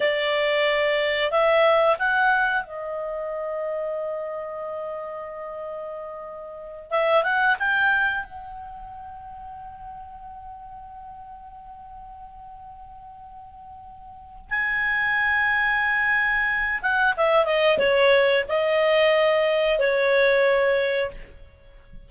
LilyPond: \new Staff \with { instrumentName = "clarinet" } { \time 4/4 \tempo 4 = 91 d''2 e''4 fis''4 | dis''1~ | dis''2~ dis''8 e''8 fis''8 g''8~ | g''8 fis''2.~ fis''8~ |
fis''1~ | fis''2 gis''2~ | gis''4. fis''8 e''8 dis''8 cis''4 | dis''2 cis''2 | }